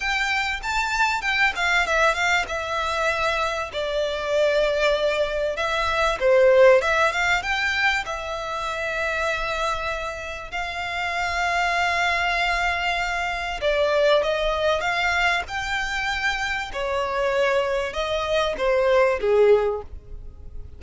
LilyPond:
\new Staff \with { instrumentName = "violin" } { \time 4/4 \tempo 4 = 97 g''4 a''4 g''8 f''8 e''8 f''8 | e''2 d''2~ | d''4 e''4 c''4 e''8 f''8 | g''4 e''2.~ |
e''4 f''2.~ | f''2 d''4 dis''4 | f''4 g''2 cis''4~ | cis''4 dis''4 c''4 gis'4 | }